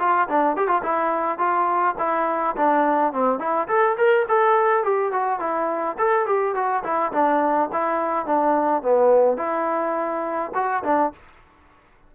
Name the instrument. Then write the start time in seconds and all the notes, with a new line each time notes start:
trombone
0.00 F4
0.29 D4
0.57 G4
0.68 F4
0.83 E4
1.39 F4
1.99 E4
2.57 D4
3.13 C4
3.40 E4
3.68 A4
3.98 A#4
4.29 A4
4.84 G4
5.13 F#4
5.40 E4
5.99 A4
6.27 G4
6.55 F#4
6.84 E4
7.13 D4
7.73 E4
8.26 D4
8.83 B3
9.38 E4
10.55 F#4
10.84 D4